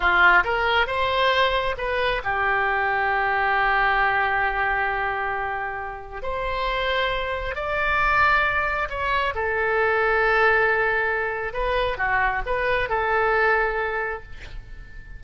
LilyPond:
\new Staff \with { instrumentName = "oboe" } { \time 4/4 \tempo 4 = 135 f'4 ais'4 c''2 | b'4 g'2.~ | g'1~ | g'2 c''2~ |
c''4 d''2. | cis''4 a'2.~ | a'2 b'4 fis'4 | b'4 a'2. | }